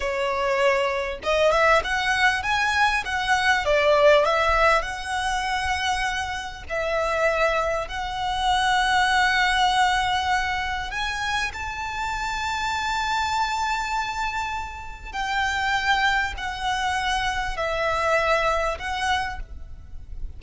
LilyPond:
\new Staff \with { instrumentName = "violin" } { \time 4/4 \tempo 4 = 99 cis''2 dis''8 e''8 fis''4 | gis''4 fis''4 d''4 e''4 | fis''2. e''4~ | e''4 fis''2.~ |
fis''2 gis''4 a''4~ | a''1~ | a''4 g''2 fis''4~ | fis''4 e''2 fis''4 | }